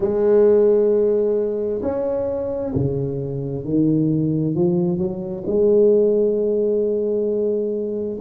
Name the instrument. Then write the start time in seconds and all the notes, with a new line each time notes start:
tuba
0.00 G#3
1.82 C#4
2.74 C#3
3.64 D#3
4.55 F3
4.98 F#3
5.46 G#3